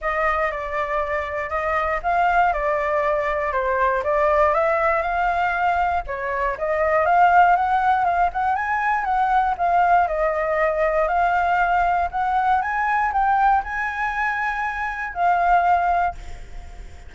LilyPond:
\new Staff \with { instrumentName = "flute" } { \time 4/4 \tempo 4 = 119 dis''4 d''2 dis''4 | f''4 d''2 c''4 | d''4 e''4 f''2 | cis''4 dis''4 f''4 fis''4 |
f''8 fis''8 gis''4 fis''4 f''4 | dis''2 f''2 | fis''4 gis''4 g''4 gis''4~ | gis''2 f''2 | }